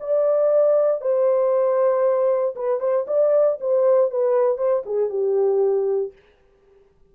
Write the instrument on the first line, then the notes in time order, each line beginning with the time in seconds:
horn
0.00 D5
1.01 C5
2.55 B4
2.80 C5
3.07 D5
3.60 C5
4.11 B4
4.57 C5
4.86 G#4
5.10 G4